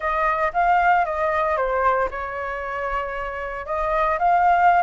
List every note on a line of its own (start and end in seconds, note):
0.00 0.52 D#5
0.53 1.05 F5
1.05 1.57 D#5
1.57 2.09 C5
2.10 3.66 C#5
3.66 4.18 D#5
4.18 4.83 F5